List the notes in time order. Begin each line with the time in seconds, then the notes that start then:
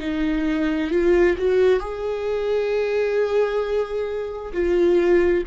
0.00 D#4
0.90 F4
1.38 F#4
1.80 G#4
4.53 F4